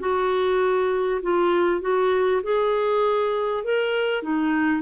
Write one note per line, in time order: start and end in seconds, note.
0.00 1.21 F#4
1.23 1.82 F4
1.82 2.42 F#4
2.44 3.64 G#4
3.64 4.23 A#4
4.23 4.82 D#4